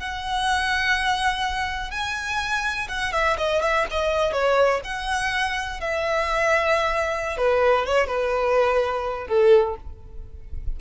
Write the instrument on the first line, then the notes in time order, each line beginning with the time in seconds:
violin
0.00 F#5
1.91 G#5
2.89 F#5
3.13 E5
3.38 D#5
3.62 E5
3.91 D#5
4.33 C#5
4.85 F#5
5.81 E5
7.37 B4
7.86 C#5
8.08 B4
9.28 A4